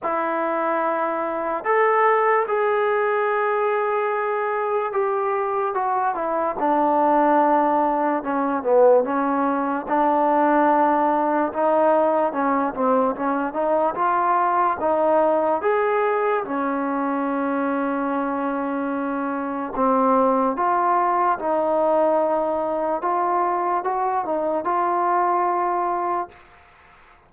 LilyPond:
\new Staff \with { instrumentName = "trombone" } { \time 4/4 \tempo 4 = 73 e'2 a'4 gis'4~ | gis'2 g'4 fis'8 e'8 | d'2 cis'8 b8 cis'4 | d'2 dis'4 cis'8 c'8 |
cis'8 dis'8 f'4 dis'4 gis'4 | cis'1 | c'4 f'4 dis'2 | f'4 fis'8 dis'8 f'2 | }